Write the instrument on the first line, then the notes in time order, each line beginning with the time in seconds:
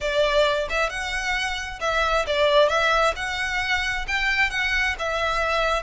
violin
0.00 D5
0.69 E5
0.89 F#5
1.80 E5
2.26 D5
2.68 E5
3.16 F#5
4.07 G5
4.50 F#5
4.98 E5